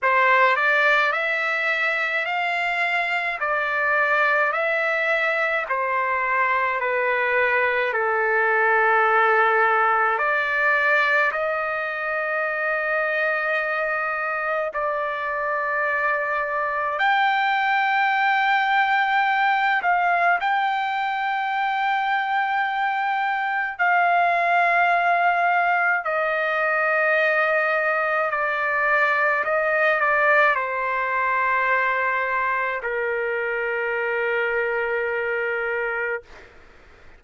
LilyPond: \new Staff \with { instrumentName = "trumpet" } { \time 4/4 \tempo 4 = 53 c''8 d''8 e''4 f''4 d''4 | e''4 c''4 b'4 a'4~ | a'4 d''4 dis''2~ | dis''4 d''2 g''4~ |
g''4. f''8 g''2~ | g''4 f''2 dis''4~ | dis''4 d''4 dis''8 d''8 c''4~ | c''4 ais'2. | }